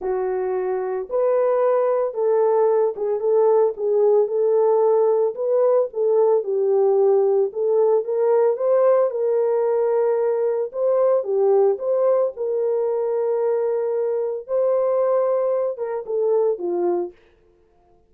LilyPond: \new Staff \with { instrumentName = "horn" } { \time 4/4 \tempo 4 = 112 fis'2 b'2 | a'4. gis'8 a'4 gis'4 | a'2 b'4 a'4 | g'2 a'4 ais'4 |
c''4 ais'2. | c''4 g'4 c''4 ais'4~ | ais'2. c''4~ | c''4. ais'8 a'4 f'4 | }